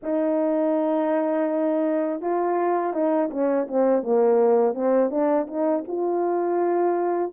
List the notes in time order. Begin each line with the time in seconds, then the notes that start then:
0.02 D#4
2.21 F4
2.93 D#4
3.30 C#4
3.68 C4
4.02 A#3
4.74 C4
5.10 D4
5.47 D#4
5.87 F4